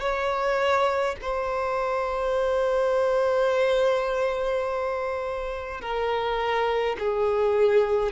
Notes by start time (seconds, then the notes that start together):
0.00 C#5
1.21 C5
5.81 A#4
6.99 G#4